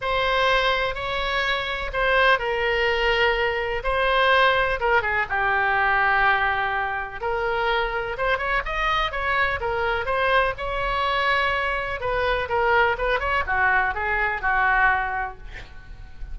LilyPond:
\new Staff \with { instrumentName = "oboe" } { \time 4/4 \tempo 4 = 125 c''2 cis''2 | c''4 ais'2. | c''2 ais'8 gis'8 g'4~ | g'2. ais'4~ |
ais'4 c''8 cis''8 dis''4 cis''4 | ais'4 c''4 cis''2~ | cis''4 b'4 ais'4 b'8 cis''8 | fis'4 gis'4 fis'2 | }